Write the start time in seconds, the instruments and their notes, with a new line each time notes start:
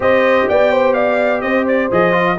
0.00 tuba C4, trombone G4, horn C5, trumpet D#5
0.48 tuba B3, horn D5, trumpet G5
0.71 horn C5
0.93 horn D5, trumpet F5
1.41 tuba C4, horn C5, trumpet D#5
1.67 trumpet D5
1.91 tuba F3, trombone G#4, trumpet D#5
2.11 trombone F4